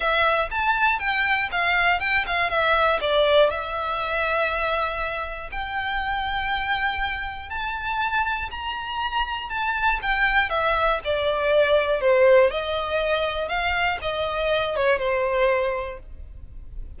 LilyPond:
\new Staff \with { instrumentName = "violin" } { \time 4/4 \tempo 4 = 120 e''4 a''4 g''4 f''4 | g''8 f''8 e''4 d''4 e''4~ | e''2. g''4~ | g''2. a''4~ |
a''4 ais''2 a''4 | g''4 e''4 d''2 | c''4 dis''2 f''4 | dis''4. cis''8 c''2 | }